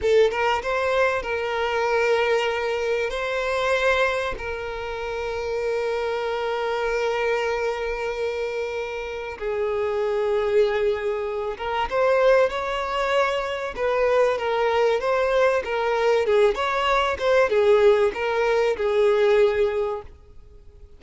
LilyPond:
\new Staff \with { instrumentName = "violin" } { \time 4/4 \tempo 4 = 96 a'8 ais'8 c''4 ais'2~ | ais'4 c''2 ais'4~ | ais'1~ | ais'2. gis'4~ |
gis'2~ gis'8 ais'8 c''4 | cis''2 b'4 ais'4 | c''4 ais'4 gis'8 cis''4 c''8 | gis'4 ais'4 gis'2 | }